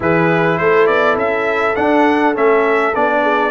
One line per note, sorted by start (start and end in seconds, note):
0.00 0.59 E3
0.00 1.75 E4
0.00 0.60 G#4
0.00 0.58 B4
0.58 0.88 A3
0.58 3.22 A4
0.58 0.87 C5
0.87 1.17 B3
0.87 1.16 D5
1.17 1.75 C#4
1.17 1.75 E5
1.75 2.34 D4
1.75 2.35 D4
1.75 2.34 F#5
2.34 2.94 A3
2.34 2.93 C#4
2.34 2.94 E5
2.94 3.51 B3
2.94 3.51 D4
2.94 3.51 D5
3.22 3.51 G#4